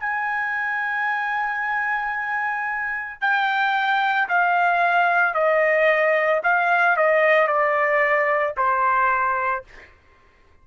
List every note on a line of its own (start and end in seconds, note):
0.00 3.21 G#5
3.21 4.29 G5
4.29 5.35 F5
5.35 6.42 D#5
6.44 6.97 F5
6.97 7.48 D#5
7.48 8.55 D5
8.57 9.64 C5